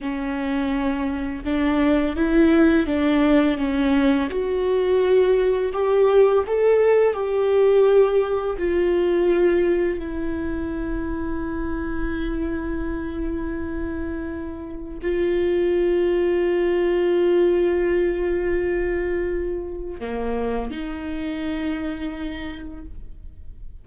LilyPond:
\new Staff \with { instrumentName = "viola" } { \time 4/4 \tempo 4 = 84 cis'2 d'4 e'4 | d'4 cis'4 fis'2 | g'4 a'4 g'2 | f'2 e'2~ |
e'1~ | e'4 f'2.~ | f'1 | ais4 dis'2. | }